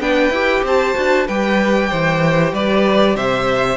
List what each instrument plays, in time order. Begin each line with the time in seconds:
0.00 cello B3, viola D4, violin B4 G5
0.30 cello E4, viola G4
0.63 cello C4, violin C5 A5
0.95 cello D4, viola F#4
1.27 cello G3, viola G4, violin B4 G5
1.90 cello E3, violin C5
2.53 cello G3, violin B4 D5
3.16 cello C3, violin C5 E5